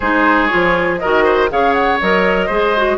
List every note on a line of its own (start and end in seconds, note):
0.00 0.51 G#3
0.00 0.49 D#4
0.00 1.00 G#4
0.00 0.46 C5
0.46 0.99 F4
0.46 0.96 C#5
0.53 1.03 F3
0.98 1.49 F#4
0.98 1.24 A#4
0.98 1.48 D#5
1.04 1.51 D#3
1.24 1.49 C5
1.49 2.01 C#3
1.49 1.99 G#4
1.49 2.46 C#5
1.49 1.73 F5
1.73 1.98 F#5
2.00 2.49 F#3
2.00 2.50 A#4
2.00 2.97 D#5
2.46 2.97 G#3
2.46 2.75 G#4
2.46 2.96 C5
2.76 2.97 F#4